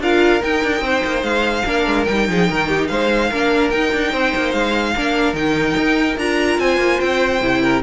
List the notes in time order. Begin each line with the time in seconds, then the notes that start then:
0.00 D4 F4 A#4 F5
0.40 D#4 G5
0.64 D4
0.81 C4 C5
1.05 A#3
1.23 G#3 F5
1.65 A#3 D4 A#4
1.86 G#3
2.05 G3 D#4 G5
2.29 F3 G#4
2.48 D#3 A#4
2.69 G4
2.88 G#3 C5 F5
3.30 A#3 D4 A#4
3.70 D#4 G5
3.93 D4
4.12 C4 C5
4.36 A#3
4.52 G#3 F5
4.96 A#3 D4 A#4
5.34 D#3 D#4 G5
5.78 D#4
6.17 D4 F4 A#5
6.59 C4 C5 G#5
6.77 A#3
7.00 C4 G5
7.41 C3 E4
7.62 A#4